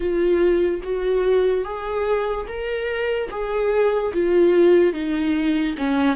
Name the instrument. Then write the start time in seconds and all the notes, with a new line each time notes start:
viola
0.00 F4
0.83 F#4
1.64 G#4
2.47 A#4
3.30 G#4
4.13 F4
4.93 D#4
5.77 C#4